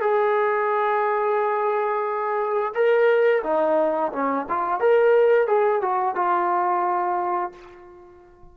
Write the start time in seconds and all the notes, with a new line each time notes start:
0.00 G#4
2.74 A#4
3.43 D#4
4.12 C#4
4.48 F4
4.80 A#4
5.47 G#4
5.81 F#4
6.15 F4